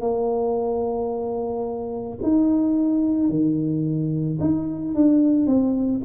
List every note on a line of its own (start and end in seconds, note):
0.00 2.18 A#3
2.22 3.29 D#4
3.29 4.38 D#3
4.40 4.94 D#4
4.94 5.46 D4
5.46 6.00 C4